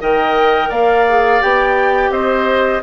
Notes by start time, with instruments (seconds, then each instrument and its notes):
0.00 bassoon D#3, clarinet A#4, oboe D#5, flute G5
0.70 bassoon A#3, oboe D5, flute F5
1.09 clarinet G#4
1.41 bassoon B3, clarinet G4, flute G5
2.10 bassoon C4, oboe C5, flute D#5